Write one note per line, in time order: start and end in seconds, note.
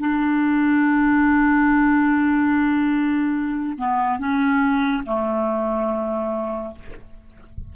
0.00 3.78 D4
3.78 4.19 B3
4.19 5.04 C#4
5.06 6.75 A3